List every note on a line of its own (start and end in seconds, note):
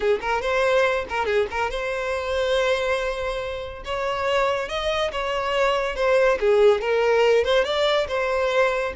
0.00 0.19 G#4
0.21 0.41 A#4
0.41 1.05 C5
1.09 1.25 A#4
1.25 1.46 G#4
1.50 1.70 A#4
1.70 3.83 C5
3.84 4.68 C#5
4.68 5.11 D#5
5.12 5.95 C#5
5.95 6.38 C5
6.39 6.81 G#4
6.81 7.44 A#4
7.44 7.64 C5
7.64 8.07 D5
8.08 8.93 C5